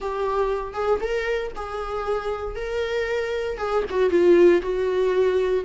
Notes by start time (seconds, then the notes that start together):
0.00 G4
0.73 G#4
1.00 A#4
1.55 G#4
2.55 A#4
3.57 G#4
3.90 F#4
4.10 F4
4.62 F#4